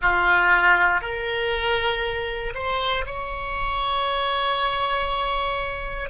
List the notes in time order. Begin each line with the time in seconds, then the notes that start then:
0.01 F4
1.01 A#4
2.54 C5
3.06 C#5